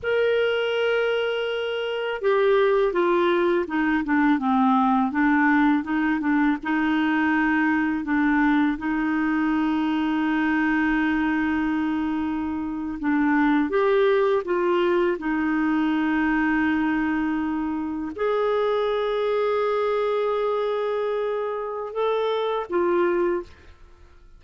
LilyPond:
\new Staff \with { instrumentName = "clarinet" } { \time 4/4 \tempo 4 = 82 ais'2. g'4 | f'4 dis'8 d'8 c'4 d'4 | dis'8 d'8 dis'2 d'4 | dis'1~ |
dis'4.~ dis'16 d'4 g'4 f'16~ | f'8. dis'2.~ dis'16~ | dis'8. gis'2.~ gis'16~ | gis'2 a'4 f'4 | }